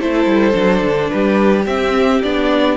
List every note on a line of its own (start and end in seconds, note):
0.00 0.26 A3
0.00 0.53 E4
0.00 1.12 A4
0.00 1.09 C5
0.26 0.54 G3
0.53 0.83 F#3
0.53 1.64 D4
0.83 1.10 D3
1.09 1.66 G3
1.09 2.77 G4
1.09 1.65 B4
1.66 2.22 C4
1.66 2.23 C4
1.66 2.22 E5
2.23 2.77 B3
2.23 2.77 D4
2.23 2.77 D5